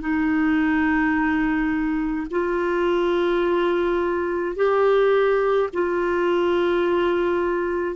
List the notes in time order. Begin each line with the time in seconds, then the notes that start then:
0.00 D#4
2.31 F4
4.56 G4
5.73 F4